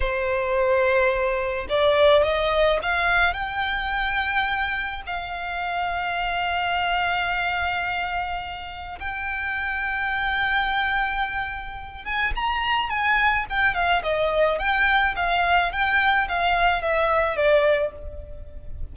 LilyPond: \new Staff \with { instrumentName = "violin" } { \time 4/4 \tempo 4 = 107 c''2. d''4 | dis''4 f''4 g''2~ | g''4 f''2.~ | f''1 |
g''1~ | g''4. gis''8 ais''4 gis''4 | g''8 f''8 dis''4 g''4 f''4 | g''4 f''4 e''4 d''4 | }